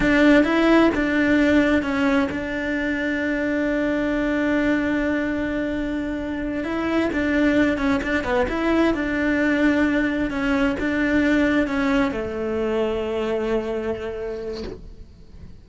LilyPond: \new Staff \with { instrumentName = "cello" } { \time 4/4 \tempo 4 = 131 d'4 e'4 d'2 | cis'4 d'2.~ | d'1~ | d'2~ d'8 e'4 d'8~ |
d'4 cis'8 d'8 b8 e'4 d'8~ | d'2~ d'8 cis'4 d'8~ | d'4. cis'4 a4.~ | a1 | }